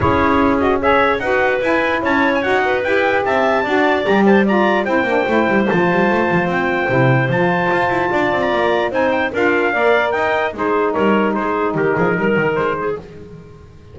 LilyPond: <<
  \new Staff \with { instrumentName = "trumpet" } { \time 4/4 \tempo 4 = 148 cis''4. dis''8 e''4 fis''4 | gis''4 a''8. gis''16 fis''4 g''4 | a''2 ais''8 a''8 ais''4 | g''2 a''2 |
g''2 a''2~ | a''8. ais''4~ ais''16 gis''8 g''8 f''4~ | f''4 g''4 c''4 cis''4 | c''4 ais'2 c''4 | }
  \new Staff \with { instrumentName = "clarinet" } { \time 4/4 gis'2 cis''4 b'4~ | b'4 cis''4. b'4. | e''4 d''4. c''8 d''4 | c''1~ |
c''1 | d''2 c''4 ais'4 | d''4 dis''4 gis'4 ais'4 | gis'4 g'8 gis'8 ais'4. gis'8 | }
  \new Staff \with { instrumentName = "saxophone" } { \time 4/4 e'4. fis'8 gis'4 fis'4 | e'2 fis'4 g'4~ | g'4 fis'4 g'4 f'4 | e'8 d'8 e'4 f'2~ |
f'4 e'4 f'2~ | f'2 dis'4 f'4 | ais'2 dis'2~ | dis'1 | }
  \new Staff \with { instrumentName = "double bass" } { \time 4/4 cis'2. dis'4 | e'4 cis'4 dis'4 e'4 | c'4 d'4 g2 | c'8 ais8 a8 g8 f8 g8 a8 f8 |
c'4 c4 f4 f'8 e'8 | d'8 c'8 ais4 c'4 d'4 | ais4 dis'4 gis4 g4 | gis4 dis8 f8 g8 dis8 gis4 | }
>>